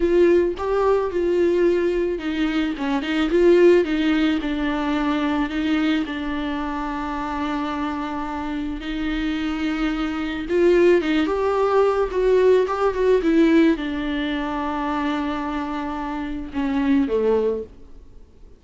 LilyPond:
\new Staff \with { instrumentName = "viola" } { \time 4/4 \tempo 4 = 109 f'4 g'4 f'2 | dis'4 cis'8 dis'8 f'4 dis'4 | d'2 dis'4 d'4~ | d'1 |
dis'2. f'4 | dis'8 g'4. fis'4 g'8 fis'8 | e'4 d'2.~ | d'2 cis'4 a4 | }